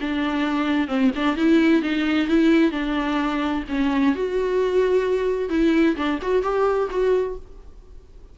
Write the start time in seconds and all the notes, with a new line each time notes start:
0.00 D4
0.87 C4
1.15 D4
1.36 E4
1.82 D#4
2.28 E4
2.71 D4
3.68 C#4
4.15 F#4
5.49 E4
5.96 D4
6.22 F#4
6.42 G4
6.90 F#4